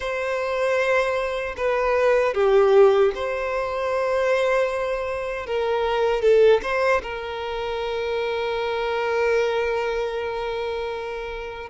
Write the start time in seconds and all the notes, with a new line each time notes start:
0.00 C5
1.57 B4
2.34 G4
3.14 C5
5.46 A#4
6.22 A4
6.62 C5
7.02 A#4